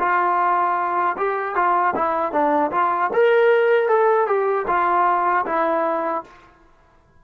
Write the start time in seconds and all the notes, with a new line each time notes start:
0.00 F4
1.18 G4
1.56 F4
1.96 E4
2.33 D4
2.72 F4
3.14 A#4
3.89 A4
4.27 G4
4.68 F4
5.47 E4